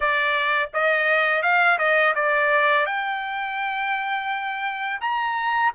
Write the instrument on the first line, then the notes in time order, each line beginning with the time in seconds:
trumpet
0.00 D5
0.73 D#5
1.42 F5
1.78 D#5
2.15 D5
2.85 G5
5.00 A#5